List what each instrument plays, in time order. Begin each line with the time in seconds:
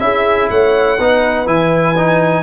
0.00 tuba C#4, trombone E4, horn G#4, violin E5
0.50 tuba A3, horn C#5, violin F#5
0.99 tuba B3, trombone D#4, horn B4
1.46 tuba E3, trombone E4, violin G#5
1.97 trombone D#4